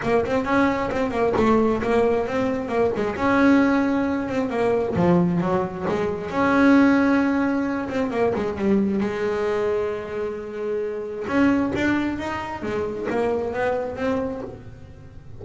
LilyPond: \new Staff \with { instrumentName = "double bass" } { \time 4/4 \tempo 4 = 133 ais8 c'8 cis'4 c'8 ais8 a4 | ais4 c'4 ais8 gis8 cis'4~ | cis'4. c'8 ais4 f4 | fis4 gis4 cis'2~ |
cis'4. c'8 ais8 gis8 g4 | gis1~ | gis4 cis'4 d'4 dis'4 | gis4 ais4 b4 c'4 | }